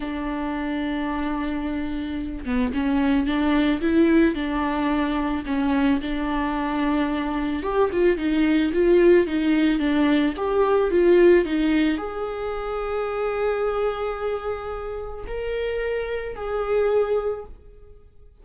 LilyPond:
\new Staff \with { instrumentName = "viola" } { \time 4/4 \tempo 4 = 110 d'1~ | d'8 b8 cis'4 d'4 e'4 | d'2 cis'4 d'4~ | d'2 g'8 f'8 dis'4 |
f'4 dis'4 d'4 g'4 | f'4 dis'4 gis'2~ | gis'1 | ais'2 gis'2 | }